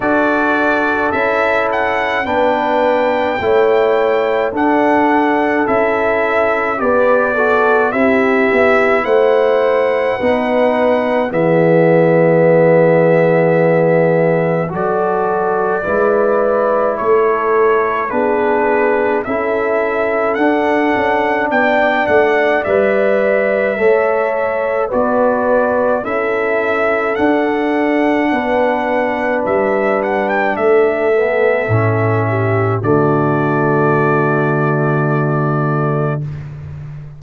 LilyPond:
<<
  \new Staff \with { instrumentName = "trumpet" } { \time 4/4 \tempo 4 = 53 d''4 e''8 fis''8 g''2 | fis''4 e''4 d''4 e''4 | fis''2 e''2~ | e''4 d''2 cis''4 |
b'4 e''4 fis''4 g''8 fis''8 | e''2 d''4 e''4 | fis''2 e''8 fis''16 g''16 e''4~ | e''4 d''2. | }
  \new Staff \with { instrumentName = "horn" } { \time 4/4 a'2 b'4 cis''4 | a'2 b'8 a'8 g'4 | c''4 b'4 gis'2~ | gis'4 a'4 b'4 a'4 |
gis'4 a'2 d''4~ | d''4 cis''4 b'4 a'4~ | a'4 b'2 a'4~ | a'8 g'8 fis'2. | }
  \new Staff \with { instrumentName = "trombone" } { \time 4/4 fis'4 e'4 d'4 e'4 | d'4 e'4 g'8 fis'8 e'4~ | e'4 dis'4 b2~ | b4 fis'4 e'2 |
d'4 e'4 d'2 | b'4 a'4 fis'4 e'4 | d'2.~ d'8 b8 | cis'4 a2. | }
  \new Staff \with { instrumentName = "tuba" } { \time 4/4 d'4 cis'4 b4 a4 | d'4 cis'4 b4 c'8 b8 | a4 b4 e2~ | e4 fis4 gis4 a4 |
b4 cis'4 d'8 cis'8 b8 a8 | g4 a4 b4 cis'4 | d'4 b4 g4 a4 | a,4 d2. | }
>>